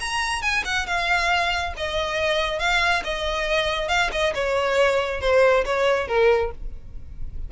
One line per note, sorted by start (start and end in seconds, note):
0.00 0.42 A#5
0.42 0.64 G#5
0.65 0.86 F#5
0.86 1.73 F5
1.76 2.59 D#5
2.59 3.03 F5
3.04 3.88 D#5
3.88 4.10 F5
4.12 4.34 D#5
4.34 5.21 C#5
5.21 5.64 C5
5.65 6.08 C#5
6.08 6.51 A#4